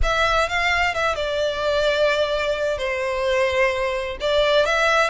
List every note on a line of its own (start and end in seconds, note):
0.02 0.48 E5
0.48 0.94 F5
0.94 1.15 E5
1.15 2.78 D5
2.78 4.17 C5
4.20 4.65 D5
4.65 5.10 E5